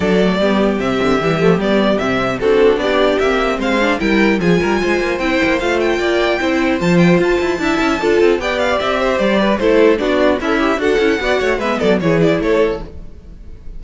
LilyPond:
<<
  \new Staff \with { instrumentName = "violin" } { \time 4/4 \tempo 4 = 150 d''2 e''2 | d''4 e''4 a'4 d''4 | e''4 f''4 g''4 gis''4~ | gis''4 g''4 f''8 g''4.~ |
g''4 a''8 g''8 a''2~ | a''4 g''8 f''8 e''4 d''4 | c''4 d''4 e''4 fis''4~ | fis''4 e''8 d''8 cis''8 d''8 cis''4 | }
  \new Staff \with { instrumentName = "violin" } { \time 4/4 a'4 g'2.~ | g'2 fis'4 g'4~ | g'4 c''4 ais'4 gis'8 ais'8 | c''2. d''4 |
c''2. e''4 | a'4 d''4. c''4 b'8 | a'4 fis'4 e'4 a'4 | d''8 cis''8 b'8 a'8 gis'4 a'4 | }
  \new Staff \with { instrumentName = "viola" } { \time 4/4 d'8 a8 b4 c'4 g8 a8 | b4 c'4 d'2 | c'4. d'8 e'4 f'4~ | f'4 e'4 f'2 |
e'4 f'2 e'4 | f'4 g'2. | e'4 d'4 a'8 g'8 fis'8 e'8 | fis'4 b4 e'2 | }
  \new Staff \with { instrumentName = "cello" } { \time 4/4 fis4 g4 c8 d8 e8 f8 | g4 c4 c'4 b4 | ais4 gis4 g4 f8 g8 | gis8 ais8 c'8 ais8 a4 ais4 |
c'4 f4 f'8 e'8 d'8 cis'8 | d'8 c'8 b4 c'4 g4 | a4 b4 cis'4 d'8 cis'8 | b8 a8 gis8 fis8 e4 a4 | }
>>